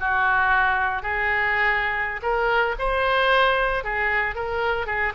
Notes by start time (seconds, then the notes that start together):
0.00 F#4
1.03 G#4
2.22 A#4
2.79 C5
3.84 G#4
4.35 A#4
4.87 G#4